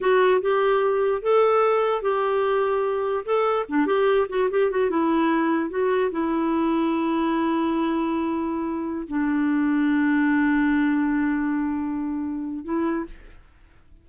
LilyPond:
\new Staff \with { instrumentName = "clarinet" } { \time 4/4 \tempo 4 = 147 fis'4 g'2 a'4~ | a'4 g'2. | a'4 d'8 g'4 fis'8 g'8 fis'8 | e'2 fis'4 e'4~ |
e'1~ | e'2~ e'16 d'4.~ d'16~ | d'1~ | d'2. e'4 | }